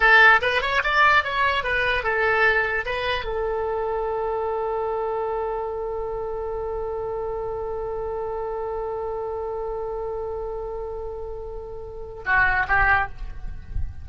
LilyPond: \new Staff \with { instrumentName = "oboe" } { \time 4/4 \tempo 4 = 147 a'4 b'8 cis''8 d''4 cis''4 | b'4 a'2 b'4 | a'1~ | a'1~ |
a'1~ | a'1~ | a'1~ | a'2 fis'4 g'4 | }